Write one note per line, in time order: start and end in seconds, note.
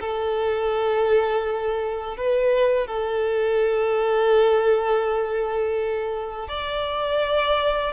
0.00 2.17 A4
2.17 2.87 B4
2.87 6.48 A4
6.48 7.92 D5